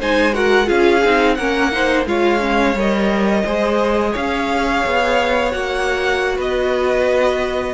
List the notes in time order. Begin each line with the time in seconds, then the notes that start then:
0.00 G#3 D#4 C5 G#5
0.33 F#4 A#4 F#5
0.65 C#4 F4 G#4 F5
1.04 C4 D#4
1.35 A#3 C#4 A#4 F#5
1.72 D#4 C5
2.06 G#3 F4 C#5 F5
2.39 C#4
2.75 G3 A#4 D#5
3.45 G#3 G#4 C5
4.11 C#4 C#5 F5
4.86 B3
5.51 A#3 F#4 F#5
6.36 B3 B4 D#5